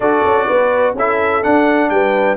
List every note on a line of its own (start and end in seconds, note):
0.00 0.23 D4
0.00 0.96 F#4
0.00 0.46 A4
0.00 0.95 D5
0.24 0.48 C#4
0.46 0.94 B3
0.46 0.94 B4
0.94 1.41 C#4
0.94 1.43 E4
0.94 1.91 A4
0.94 1.43 E5
1.43 2.37 D4
1.43 1.90 D4
1.43 1.89 F#5
1.89 2.37 G3
1.89 2.37 B4
1.89 2.37 G5